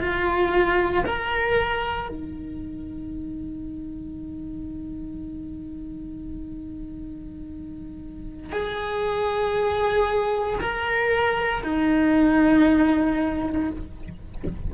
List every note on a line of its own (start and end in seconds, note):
0.00 1.03 F4
1.05 2.08 A#4
2.08 8.52 D#4
8.52 10.59 G#4
10.61 11.63 A#4
11.63 13.70 D#4